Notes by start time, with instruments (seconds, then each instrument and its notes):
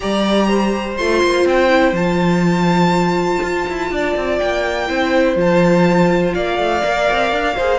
0.00 cello G3, viola G4, violin D5 A#5
0.47 violin C5
0.97 cello A3, viola F4, violin C6
1.23 cello A#3
1.45 cello C4, violin G5
1.69 viola E4
1.92 cello F3, viola F4, violin A5
3.42 cello F4
3.68 cello E4
3.90 cello D4, violin D5
4.16 cello C4
4.38 cello A#3, violin G5
4.87 cello C4, viola E4, violin C5
5.35 cello F3, viola F4, violin A5
6.34 cello A#3, violin D5 F5
6.58 cello A3
6.82 cello A#3, viola A#4
7.10 cello C4
7.32 cello D4
7.56 cello A#3, viola G#4, violin C5